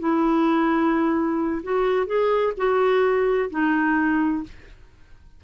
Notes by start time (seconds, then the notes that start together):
0.00 E4
1.63 F#4
2.07 G#4
2.58 F#4
3.51 D#4